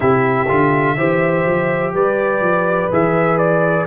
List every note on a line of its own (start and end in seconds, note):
0.00 0.49 C3
0.00 0.47 E4
0.00 0.96 G4
0.00 1.93 E5
0.48 0.97 D3
0.48 0.97 F4
0.97 1.45 E3
0.97 2.91 G4
0.97 1.94 C5
1.45 1.94 F3
1.94 2.41 G3
1.94 3.86 B4
1.94 2.92 D5
2.41 2.89 F3
2.91 3.86 E3
2.91 3.86 G#4
2.91 3.37 E5
3.37 3.86 D5